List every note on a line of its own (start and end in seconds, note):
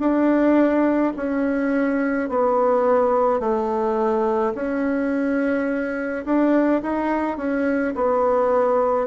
0.00 1.13 D4
1.17 2.30 C#4
2.30 3.40 B3
3.40 4.53 A3
4.55 6.25 C#4
6.25 6.82 D4
6.83 7.38 D#4
7.38 7.95 C#4
7.96 9.08 B3